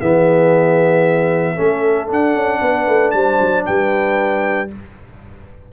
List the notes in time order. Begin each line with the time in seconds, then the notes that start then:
0.00 E3 B3 G#4 E5
1.54 A3 C#4 A4
2.07 D4 F#5
2.34 C#4
2.61 B3 B4
2.87 A3
3.11 G3 C5 A5
3.41 F#3
3.66 G3 B4 G5